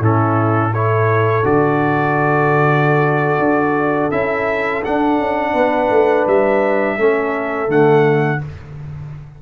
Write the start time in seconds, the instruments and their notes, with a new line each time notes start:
0.00 tuba A2, trombone C#4, horn E4, trumpet A4
0.73 trombone E4, horn A4, trumpet C#5
1.44 tuba D3, trombone F#4, trumpet D5
3.39 tuba D4
4.11 tuba C#4, trombone E4, trumpet E5
4.85 trombone D4, tuba D4, trumpet F#5
5.19 tuba C#4
5.53 tuba B3, horn B4
5.90 tuba A3
6.27 tuba G3, trumpet E5
6.98 tuba A3, trombone C#4, horn A4
7.68 tuba D3, trombone A3, trumpet F#5